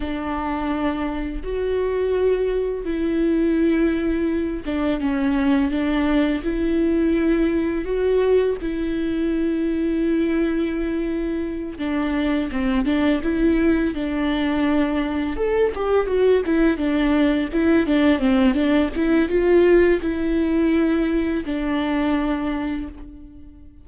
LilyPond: \new Staff \with { instrumentName = "viola" } { \time 4/4 \tempo 4 = 84 d'2 fis'2 | e'2~ e'8 d'8 cis'4 | d'4 e'2 fis'4 | e'1~ |
e'8 d'4 c'8 d'8 e'4 d'8~ | d'4. a'8 g'8 fis'8 e'8 d'8~ | d'8 e'8 d'8 c'8 d'8 e'8 f'4 | e'2 d'2 | }